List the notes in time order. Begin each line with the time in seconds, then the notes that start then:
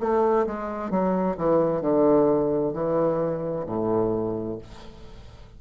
0.00 A3
0.46 G#3
0.91 F#3
1.37 E3
1.81 D3
2.73 E3
3.66 A2